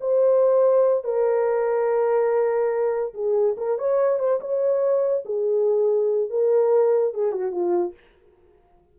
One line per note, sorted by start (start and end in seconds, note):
0.00 1.04 C5
1.04 3.13 A#4
3.14 3.55 G#4
3.57 3.78 A#4
3.78 4.19 C#5
4.19 4.40 C5
4.40 5.24 C#5
5.25 6.30 G#4
6.30 7.14 A#4
7.14 7.32 G#4
7.32 7.51 F#4
7.51 7.93 F4